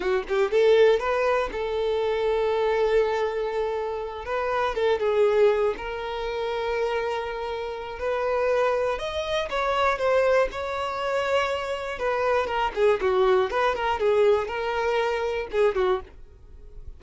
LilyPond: \new Staff \with { instrumentName = "violin" } { \time 4/4 \tempo 4 = 120 fis'8 g'8 a'4 b'4 a'4~ | a'1~ | a'8 b'4 a'8 gis'4. ais'8~ | ais'1 |
b'2 dis''4 cis''4 | c''4 cis''2. | b'4 ais'8 gis'8 fis'4 b'8 ais'8 | gis'4 ais'2 gis'8 fis'8 | }